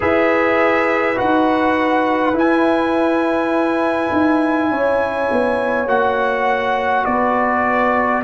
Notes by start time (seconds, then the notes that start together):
0.00 E4 G#4 B4 E5
1.15 D#4 F#4 F#5
2.33 E4 G#5
4.12 D#4
4.70 C#4 C#5
5.31 B3
5.86 A#3 F#4 F#5
7.04 B3 B4 D5